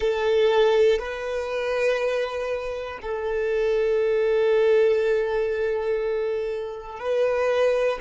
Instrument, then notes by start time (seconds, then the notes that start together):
violin
0.00 A4
0.98 B4
3.01 A4
6.99 B4